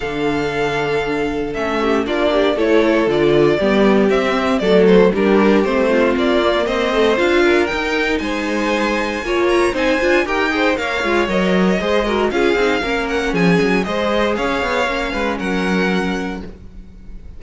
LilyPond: <<
  \new Staff \with { instrumentName = "violin" } { \time 4/4 \tempo 4 = 117 f''2. e''4 | d''4 cis''4 d''2 | e''4 d''8 c''8 ais'4 c''4 | d''4 dis''4 f''4 g''4 |
gis''2~ gis''8 ais''8 gis''4 | g''4 f''4 dis''2 | f''4. fis''8 gis''4 dis''4 | f''2 fis''2 | }
  \new Staff \with { instrumentName = "violin" } { \time 4/4 a'2.~ a'8 g'8 | f'8 g'8 a'2 g'4~ | g'4 a'4 g'4. f'8~ | f'4 c''4. ais'4. |
c''2 cis''4 c''4 | ais'8 c''8 cis''2 c''8 ais'8 | gis'4 ais'4 gis'4 c''4 | cis''4. b'8 ais'2 | }
  \new Staff \with { instrumentName = "viola" } { \time 4/4 d'2. cis'4 | d'4 e'4 f'4 b4 | c'4 a4 d'4 c'4~ | c'8 ais4 a8 f'4 dis'4~ |
dis'2 f'4 dis'8 f'8 | g'8 gis'8 ais'8 f'8 ais'4 gis'8 fis'8 | f'8 dis'8 cis'2 gis'4~ | gis'4 cis'2. | }
  \new Staff \with { instrumentName = "cello" } { \time 4/4 d2. a4 | ais4 a4 d4 g4 | c'4 fis4 g4 a4 | ais4 c'4 d'4 dis'4 |
gis2 ais4 c'8 d'8 | dis'4 ais8 gis8 fis4 gis4 | cis'8 c'8 ais4 f8 fis8 gis4 | cis'8 b8 ais8 gis8 fis2 | }
>>